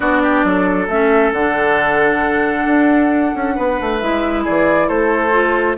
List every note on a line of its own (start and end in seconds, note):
0.00 0.44 B3
0.00 0.88 D4
0.00 0.22 F#4
0.00 0.87 D5
0.22 0.44 G4
0.44 0.87 F#3
0.44 3.55 A4
0.87 1.31 A3
0.87 1.34 C#4
0.87 1.32 E5
1.32 2.65 D3
1.32 4.01 D4
1.32 3.98 F#5
2.66 3.32 D4
3.34 3.56 C#4
3.55 3.79 B3
3.55 4.43 B4
3.80 4.01 A3
3.98 4.46 G#3
3.98 5.32 E4
3.98 4.43 E5
4.43 4.88 E3
4.43 4.87 G#4
4.43 4.88 D5
4.87 5.77 A3
4.87 5.76 A4
4.87 5.77 C5
5.32 5.76 F4